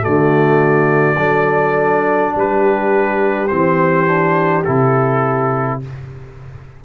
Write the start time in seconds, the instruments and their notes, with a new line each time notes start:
0.00 tuba D3, trombone A3, horn F#4, trumpet D5
1.17 tuba F#3, trombone D4, horn A4
2.35 tuba G3, horn G4, trumpet B4
3.48 tuba E3, trombone C4, trumpet C5
4.06 trombone D4
4.64 tuba C3, trombone E4, trumpet A4